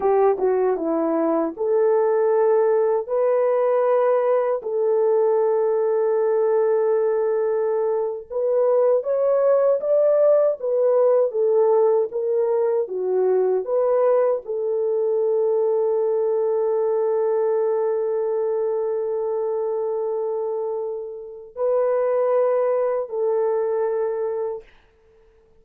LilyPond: \new Staff \with { instrumentName = "horn" } { \time 4/4 \tempo 4 = 78 g'8 fis'8 e'4 a'2 | b'2 a'2~ | a'2~ a'8. b'4 cis''16~ | cis''8. d''4 b'4 a'4 ais'16~ |
ais'8. fis'4 b'4 a'4~ a'16~ | a'1~ | a'1 | b'2 a'2 | }